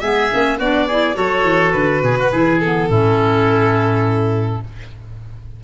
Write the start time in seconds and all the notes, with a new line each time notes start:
0.00 G#3 B3 G#4 E5
0.31 A#3 C#4
0.59 B3 D4 F#4 D5
0.87 E4 G#4
1.14 F#3 F#4 A4 C#5
1.44 E3
1.72 D3 B4
2.03 B2 G#4
2.19 F#4
2.31 E3 E4 G#4
2.60 B3 A4
2.89 A2 C#4 E4